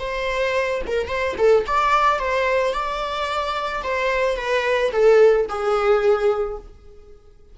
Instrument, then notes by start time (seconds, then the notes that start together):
viola
0.00 C5
0.87 A#4
1.08 C5
1.38 A4
1.67 D5
2.19 C5
2.73 D5
3.84 C5
4.37 B4
4.92 A4
5.49 G#4